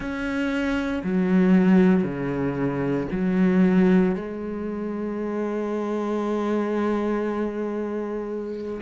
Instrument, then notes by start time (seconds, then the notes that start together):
cello
0.00 C#4
1.03 F#3
2.03 C#3
3.11 F#3
4.15 G#3